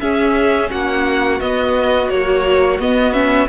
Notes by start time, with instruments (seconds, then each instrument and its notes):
0.00 viola C#4, cello C#4, violin G#4 E5
0.71 cello A#3, violin F#4 F#5
1.41 cello B3, viola B3, violin D#5
2.09 viola F#3, cello A#3, violin C#5
2.79 cello B3, viola B3, violin D#5
3.13 viola C#4, violin E5